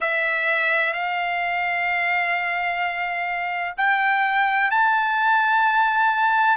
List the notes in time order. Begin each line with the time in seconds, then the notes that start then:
0.00 E5
0.93 F5
3.77 G5
4.70 A5